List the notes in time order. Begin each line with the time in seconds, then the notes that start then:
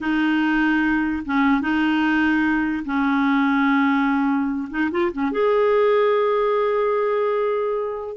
0.00 D#4
1.25 C#4
1.61 D#4
2.85 C#4
4.70 D#4
4.91 F4
5.12 C#4
5.31 G#4